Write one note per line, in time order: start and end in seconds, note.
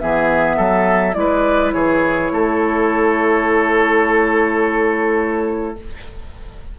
0.00 0.58 E3
0.00 1.14 B3
0.00 0.57 G#4
0.00 1.14 E5
0.57 1.15 F#3
0.57 1.15 A4
1.14 1.73 G#3
1.14 5.75 E4
1.14 1.75 B4
1.14 1.72 D5
1.72 2.31 E3
1.72 2.32 G#4
1.72 5.76 C#5
2.31 5.78 A3
2.31 5.79 A4